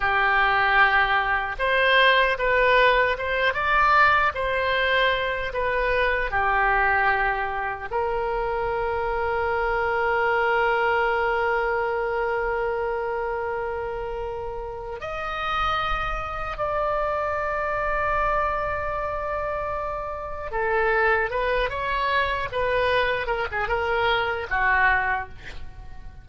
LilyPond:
\new Staff \with { instrumentName = "oboe" } { \time 4/4 \tempo 4 = 76 g'2 c''4 b'4 | c''8 d''4 c''4. b'4 | g'2 ais'2~ | ais'1~ |
ais'2. dis''4~ | dis''4 d''2.~ | d''2 a'4 b'8 cis''8~ | cis''8 b'4 ais'16 gis'16 ais'4 fis'4 | }